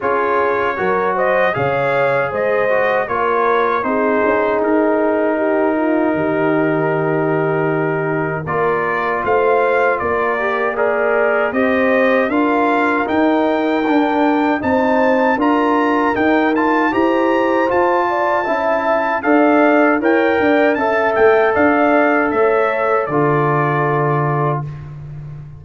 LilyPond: <<
  \new Staff \with { instrumentName = "trumpet" } { \time 4/4 \tempo 4 = 78 cis''4. dis''8 f''4 dis''4 | cis''4 c''4 ais'2~ | ais'2. d''4 | f''4 d''4 ais'4 dis''4 |
f''4 g''2 a''4 | ais''4 g''8 a''8 ais''4 a''4~ | a''4 f''4 g''4 a''8 g''8 | f''4 e''4 d''2 | }
  \new Staff \with { instrumentName = "horn" } { \time 4/4 gis'4 ais'8 c''8 cis''4 c''4 | ais'4 gis'2 g'8 f'8 | g'2. ais'4 | c''4 ais'4 d''4 c''4 |
ais'2. c''4 | ais'2 c''4. d''8 | e''4 d''4 cis''8 d''8 e''4 | d''4 cis''4 a'2 | }
  \new Staff \with { instrumentName = "trombone" } { \time 4/4 f'4 fis'4 gis'4. fis'8 | f'4 dis'2.~ | dis'2. f'4~ | f'4. g'8 gis'4 g'4 |
f'4 dis'4 d'4 dis'4 | f'4 dis'8 f'8 g'4 f'4 | e'4 a'4 ais'4 a'4~ | a'2 f'2 | }
  \new Staff \with { instrumentName = "tuba" } { \time 4/4 cis'4 fis4 cis4 gis4 | ais4 c'8 cis'8 dis'2 | dis2. ais4 | a4 ais2 c'4 |
d'4 dis'4 d'4 c'4 | d'4 dis'4 e'4 f'4 | cis'4 d'4 e'8 d'8 cis'8 a8 | d'4 a4 d2 | }
>>